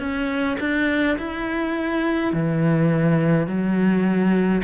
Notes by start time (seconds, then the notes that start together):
0.00 C#4
0.60 D4
1.19 E4
2.33 E3
3.47 F#3